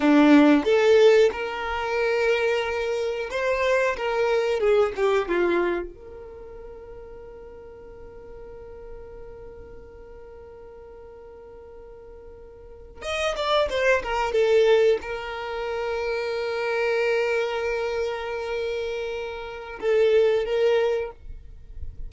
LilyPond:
\new Staff \with { instrumentName = "violin" } { \time 4/4 \tempo 4 = 91 d'4 a'4 ais'2~ | ais'4 c''4 ais'4 gis'8 g'8 | f'4 ais'2.~ | ais'1~ |
ais'2.~ ais'8. dis''16~ | dis''16 d''8 c''8 ais'8 a'4 ais'4~ ais'16~ | ais'1~ | ais'2 a'4 ais'4 | }